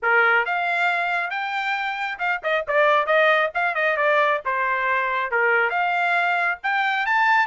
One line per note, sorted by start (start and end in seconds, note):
0.02 0.45 A#4
0.45 1.30 F5
1.30 2.18 G5
2.19 2.41 F5
2.43 2.65 D#5
2.67 3.06 D5
3.06 3.50 D#5
3.54 3.75 F5
3.75 3.96 D#5
3.96 4.40 D5
4.45 5.31 C5
5.31 5.70 A#4
5.70 6.58 F5
6.63 7.06 G5
7.06 7.46 A5